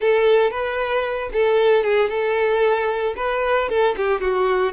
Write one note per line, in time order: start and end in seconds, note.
0.00 0.50 A4
0.50 1.29 B4
1.33 1.83 A4
1.83 2.09 G#4
2.09 3.14 A4
3.16 3.69 B4
3.69 3.95 A4
3.96 4.20 G4
4.20 4.72 F#4